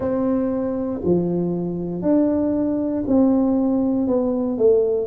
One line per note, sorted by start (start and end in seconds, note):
0.00 1.00 C4
1.04 2.02 F3
2.02 3.03 D4
3.07 4.07 C4
4.07 4.58 B3
4.58 5.06 A3